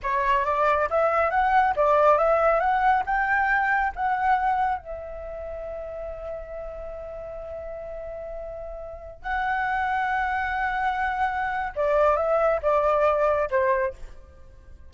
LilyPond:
\new Staff \with { instrumentName = "flute" } { \time 4/4 \tempo 4 = 138 cis''4 d''4 e''4 fis''4 | d''4 e''4 fis''4 g''4~ | g''4 fis''2 e''4~ | e''1~ |
e''1~ | e''4~ e''16 fis''2~ fis''8.~ | fis''2. d''4 | e''4 d''2 c''4 | }